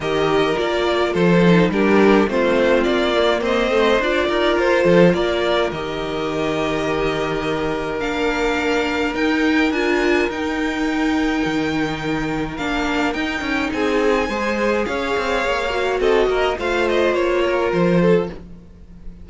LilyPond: <<
  \new Staff \with { instrumentName = "violin" } { \time 4/4 \tempo 4 = 105 dis''4 d''4 c''4 ais'4 | c''4 d''4 dis''4 d''4 | c''4 d''4 dis''2~ | dis''2 f''2 |
g''4 gis''4 g''2~ | g''2 f''4 g''4 | gis''2 f''2 | dis''4 f''8 dis''8 cis''4 c''4 | }
  \new Staff \with { instrumentName = "violin" } { \time 4/4 ais'2 a'4 g'4 | f'2 c''4. ais'8~ | ais'8 a'8 ais'2.~ | ais'1~ |
ais'1~ | ais'1 | gis'4 c''4 cis''2 | a'8 ais'8 c''4. ais'4 a'8 | }
  \new Staff \with { instrumentName = "viola" } { \time 4/4 g'4 f'4. dis'8 d'4 | c'4. ais4 a8 f'4~ | f'2 g'2~ | g'2 d'2 |
dis'4 f'4 dis'2~ | dis'2 d'4 dis'4~ | dis'4 gis'2~ gis'8 fis'8~ | fis'4 f'2. | }
  \new Staff \with { instrumentName = "cello" } { \time 4/4 dis4 ais4 f4 g4 | a4 ais4 c'4 d'8 dis'8 | f'8 f8 ais4 dis2~ | dis2 ais2 |
dis'4 d'4 dis'2 | dis2 ais4 dis'8 cis'8 | c'4 gis4 cis'8 c'8 ais4 | c'8 ais8 a4 ais4 f4 | }
>>